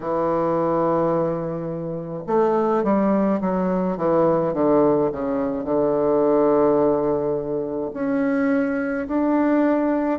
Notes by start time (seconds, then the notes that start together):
0.00 E3
2.26 A3
2.83 G3
3.41 F#3
3.97 E3
4.53 D3
5.11 C#3
5.64 D3
7.93 C#4
9.07 D4